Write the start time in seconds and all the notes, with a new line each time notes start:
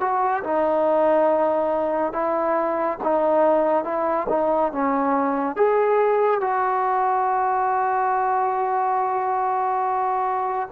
0.00 F#4
0.43 D#4
2.12 E4
3.03 D#4
3.84 E4
4.29 D#4
4.72 C#4
5.56 G#4
6.41 F#4